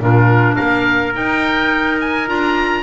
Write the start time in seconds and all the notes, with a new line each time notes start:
0.00 A#2 D4 F4 A#4
0.55 A#3 A#4 F5
1.13 D#4 G5
2.00 G#5
2.27 D4 F4 A#5